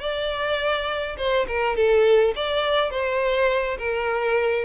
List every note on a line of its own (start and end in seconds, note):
0.00 1.17 D5
1.17 1.46 C5
1.47 1.76 A#4
1.76 2.34 A4
2.36 2.90 D5
2.90 3.78 C5
3.78 4.65 A#4